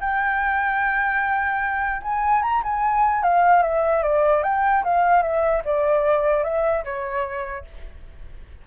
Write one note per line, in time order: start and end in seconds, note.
0.00 2.01 G5
2.02 2.42 G#5
2.42 2.62 A#5
2.63 3.23 G#5
3.23 3.62 F5
3.62 4.02 E5
4.03 4.43 D5
4.43 4.83 G5
4.84 5.22 F5
5.22 5.62 E5
5.64 6.43 D5
6.43 6.84 E5
6.84 7.65 C#5